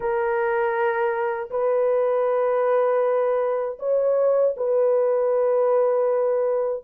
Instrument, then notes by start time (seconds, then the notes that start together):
horn
0.00 A#4
1.50 B4
3.79 C#5
4.56 B4